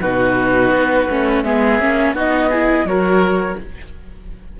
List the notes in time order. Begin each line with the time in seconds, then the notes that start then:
0.00 B2 D#4 F#4 B4
0.70 B3
1.09 A3 C#4
1.42 G#3 B3 G#4 E5
1.79 A#3 C#4
2.13 B3 D#4 F#4 D#5
2.49 E4 G#4
2.83 F#3 F#4 A#4 C#5